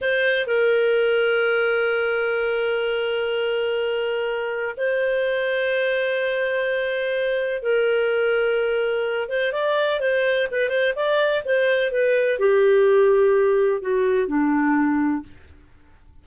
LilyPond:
\new Staff \with { instrumentName = "clarinet" } { \time 4/4 \tempo 4 = 126 c''4 ais'2.~ | ais'1~ | ais'2 c''2~ | c''1 |
ais'2.~ ais'8 c''8 | d''4 c''4 b'8 c''8 d''4 | c''4 b'4 g'2~ | g'4 fis'4 d'2 | }